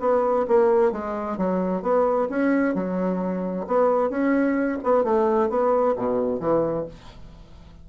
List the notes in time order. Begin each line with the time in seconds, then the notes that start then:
0.00 B3
0.48 A#3
0.92 G#3
1.37 F#3
1.82 B3
2.29 C#4
2.75 F#3
3.67 B3
4.10 C#4
4.83 B3
5.04 A3
5.49 B3
5.96 B2
6.40 E3